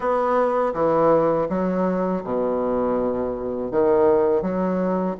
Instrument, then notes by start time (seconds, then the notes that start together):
bassoon
0.00 B3
0.73 E3
1.49 F#3
2.23 B2
3.71 D#3
4.41 F#3